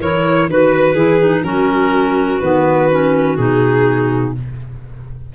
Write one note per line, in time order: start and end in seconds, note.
0.00 0.48 E3
0.00 0.51 E4
0.00 0.48 A#4
0.00 0.50 C#5
0.48 0.94 D#3
0.48 0.96 F#4
0.48 1.45 B4
0.48 0.94 B4
0.94 1.43 E3
0.94 1.21 E4
0.94 1.43 G#4
1.21 1.45 D#4
1.43 2.40 F#3
1.43 2.41 C#4
1.43 4.35 F#4
1.43 2.40 A#4
2.40 3.38 D#3
2.40 2.91 B3
2.40 3.37 B4
2.91 3.39 C#4
3.37 4.35 B2
3.37 4.35 D#4
3.37 4.33 G#4